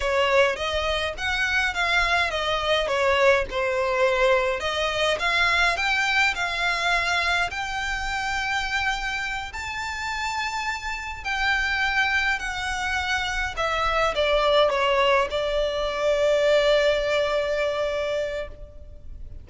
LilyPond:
\new Staff \with { instrumentName = "violin" } { \time 4/4 \tempo 4 = 104 cis''4 dis''4 fis''4 f''4 | dis''4 cis''4 c''2 | dis''4 f''4 g''4 f''4~ | f''4 g''2.~ |
g''8 a''2. g''8~ | g''4. fis''2 e''8~ | e''8 d''4 cis''4 d''4.~ | d''1 | }